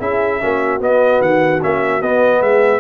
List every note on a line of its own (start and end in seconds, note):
0.00 0.41 C#4
0.00 0.40 E4
0.00 0.40 G#4
0.00 0.81 E5
0.40 0.80 A#3
0.40 0.79 C#4
0.40 2.42 F#4
0.79 1.60 B3
0.79 1.20 B3
0.79 1.22 D#5
1.21 1.61 D#3
1.21 1.62 F#5
1.61 2.01 A#3
1.61 2.02 C#4
1.61 2.02 E5
2.01 2.41 B3
2.01 2.80 B3
2.01 2.42 D#5
2.41 2.80 G#3
2.41 2.80 G#4
2.41 2.80 E5